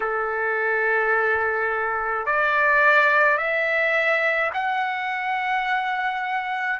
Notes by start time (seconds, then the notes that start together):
0.00 A4
2.26 D5
3.37 E5
4.53 F#5